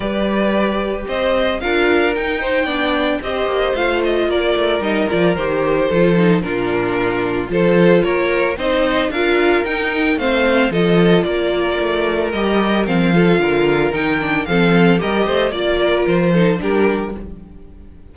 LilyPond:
<<
  \new Staff \with { instrumentName = "violin" } { \time 4/4 \tempo 4 = 112 d''2 dis''4 f''4 | g''2 dis''4 f''8 dis''8 | d''4 dis''8 d''8 c''2 | ais'2 c''4 cis''4 |
dis''4 f''4 g''4 f''4 | dis''4 d''2 dis''4 | f''2 g''4 f''4 | dis''4 d''4 c''4 ais'4 | }
  \new Staff \with { instrumentName = "violin" } { \time 4/4 b'2 c''4 ais'4~ | ais'8 c''8 d''4 c''2 | ais'2. a'4 | f'2 a'4 ais'4 |
c''4 ais'2 c''4 | a'4 ais'2.~ | ais'8 a'8 ais'2 a'4 | ais'8 c''8 d''8 ais'4 a'8 g'4 | }
  \new Staff \with { instrumentName = "viola" } { \time 4/4 g'2. f'4 | dis'4 d'4 g'4 f'4~ | f'4 dis'8 f'8 g'4 f'8 dis'8 | d'2 f'2 |
dis'4 f'4 dis'4 c'4 | f'2. g'4 | c'8 f'4. dis'8 d'8 c'4 | g'4 f'4. dis'8 d'4 | }
  \new Staff \with { instrumentName = "cello" } { \time 4/4 g2 c'4 d'4 | dis'4 b4 c'8 ais8 a4 | ais8 a8 g8 f8 dis4 f4 | ais,2 f4 ais4 |
c'4 d'4 dis'4 a4 | f4 ais4 a4 g4 | f4 d4 dis4 f4 | g8 a8 ais4 f4 g4 | }
>>